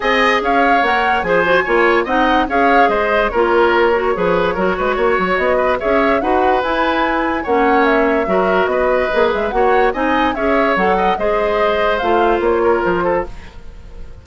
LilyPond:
<<
  \new Staff \with { instrumentName = "flute" } { \time 4/4 \tempo 4 = 145 gis''4 f''4 fis''4 gis''4~ | gis''4 fis''4 f''4 dis''4 | cis''1~ | cis''4 dis''4 e''4 fis''4 |
gis''2 fis''4 e''4~ | e''4 dis''4. e''8 fis''4 | gis''4 e''4 fis''4 dis''4~ | dis''4 f''4 cis''4 c''4 | }
  \new Staff \with { instrumentName = "oboe" } { \time 4/4 dis''4 cis''2 c''4 | cis''4 dis''4 cis''4 c''4 | ais'2 b'4 ais'8 b'8 | cis''4. b'8 cis''4 b'4~ |
b'2 cis''2 | ais'4 b'2 cis''4 | dis''4 cis''4. dis''8 c''4~ | c''2~ c''8 ais'4 a'8 | }
  \new Staff \with { instrumentName = "clarinet" } { \time 4/4 gis'2 ais'4 gis'8 fis'8 | f'4 dis'4 gis'2 | f'4. fis'8 gis'4 fis'4~ | fis'2 gis'4 fis'4 |
e'2 cis'2 | fis'2 gis'4 fis'4 | dis'4 gis'4 a'4 gis'4~ | gis'4 f'2. | }
  \new Staff \with { instrumentName = "bassoon" } { \time 4/4 c'4 cis'4 ais4 f4 | ais4 c'4 cis'4 gis4 | ais2 f4 fis8 gis8 | ais8 fis8 b4 cis'4 dis'4 |
e'2 ais2 | fis4 b4 ais8 gis8 ais4 | c'4 cis'4 fis4 gis4~ | gis4 a4 ais4 f4 | }
>>